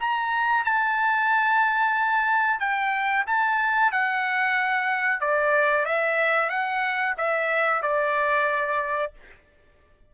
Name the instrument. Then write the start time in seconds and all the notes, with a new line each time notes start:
trumpet
0.00 A#5
0.65 A5
2.60 G5
3.27 A5
3.92 F#5
5.21 D5
5.85 E5
6.50 F#5
7.17 E5
7.82 D5